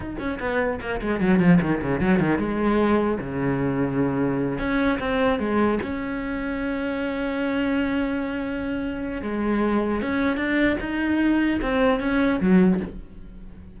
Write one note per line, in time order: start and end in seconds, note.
0.00 0.16 D#4
0.18 0.38 C#4
0.39 0.79 B3
0.81 1.01 A#3
1.01 1.21 G#3
1.21 1.39 F#3
1.39 1.59 F3
1.61 1.81 D#3
1.81 2.00 C#3
2.00 2.19 F#3
2.19 2.38 D#3
2.38 3.18 G#3
3.19 4.58 C#3
4.58 4.98 C#4
4.99 5.39 C4
5.39 5.79 G#3
5.82 9.22 C#4
9.22 10.01 G#3
10.01 10.36 C#4
10.36 10.76 D4
10.80 11.60 D#4
11.61 12.00 C4
12.00 12.40 C#4
12.40 12.80 F#3